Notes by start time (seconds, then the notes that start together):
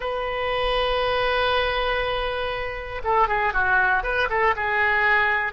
0.00 B4
3.03 A4
3.28 G#4
3.53 F#4
4.03 B4
4.29 A4
4.56 G#4